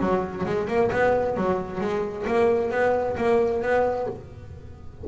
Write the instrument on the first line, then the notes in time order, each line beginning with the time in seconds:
double bass
0.00 F#3
0.46 G#3
0.68 A#3
0.92 B3
1.37 F#3
1.81 G#3
2.28 A#3
2.71 B3
3.17 A#3
3.63 B3